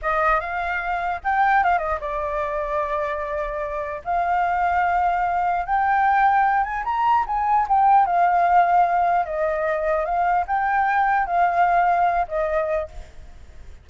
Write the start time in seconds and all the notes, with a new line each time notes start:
0.01 D#5
0.40 F5
1.23 G5
1.63 F5
1.78 D#5
2.00 D5
4.04 F5
5.65 G5
6.63 G#5
6.84 A#5
7.26 G#5
7.68 G5
8.06 F5
9.25 D#5
10.05 F5
10.47 G5
11.26 F5
12.27 D#5